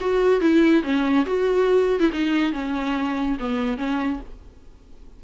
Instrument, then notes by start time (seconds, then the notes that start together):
viola
0.00 F#4
0.40 E4
0.83 C#4
1.26 F#4
2.00 E4
2.12 D#4
2.52 C#4
3.39 B3
3.77 C#4